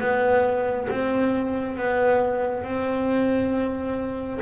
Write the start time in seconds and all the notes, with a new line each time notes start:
0.00 B3
0.89 C4
1.77 B3
2.64 C4